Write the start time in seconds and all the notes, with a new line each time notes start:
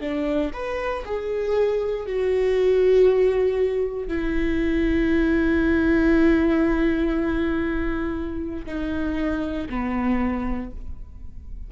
0.00 D4
0.53 B4
1.05 G#4
2.06 F#4
4.08 E4
8.66 D#4
9.69 B3